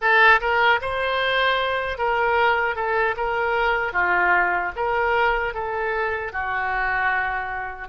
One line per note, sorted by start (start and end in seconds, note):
0.01 0.40 A4
0.40 0.80 A#4
0.81 1.97 C5
1.97 2.75 A#4
2.75 3.15 A4
3.16 3.93 A#4
3.93 4.72 F4
4.76 5.54 A#4
5.54 6.32 A4
6.32 7.88 F#4